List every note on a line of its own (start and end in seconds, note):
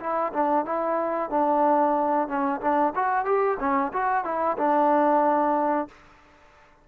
0.00 0.33 E4
0.33 0.65 D4
0.65 1.30 E4
1.30 2.28 D4
2.28 2.60 C#4
2.61 2.93 D4
2.95 3.25 F#4
3.25 3.58 G4
3.59 3.92 C#4
3.92 4.24 F#4
4.24 4.57 E4
4.57 5.88 D4